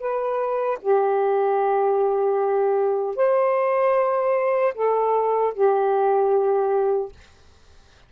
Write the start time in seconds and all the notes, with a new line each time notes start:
0.00 B4
0.82 G4
3.17 C5
4.75 A4
5.54 G4